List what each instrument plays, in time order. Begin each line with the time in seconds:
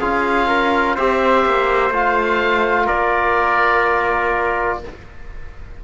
0.00 cello C#4, trombone F4, trumpet G#4, oboe F5
0.47 trumpet A#4
0.95 cello C4, trombone G4, trumpet C5, oboe E5
1.46 cello A#3
1.90 cello A3, trombone F4, oboe F5
2.86 cello A#3, trumpet A#4, oboe D5